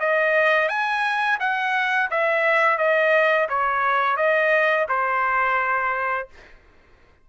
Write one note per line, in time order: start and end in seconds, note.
0.00 0.69 D#5
0.69 1.39 G#5
1.40 2.10 F#5
2.11 2.78 E5
2.78 3.48 D#5
3.49 4.17 C#5
4.17 4.87 D#5
4.89 6.29 C5